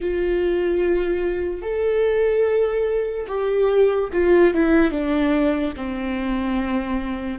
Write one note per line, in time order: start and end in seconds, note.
0.00 1.61 F4
1.61 3.26 A4
3.27 4.09 G4
4.12 4.54 F4
4.54 4.91 E4
4.91 5.73 D4
5.76 7.39 C4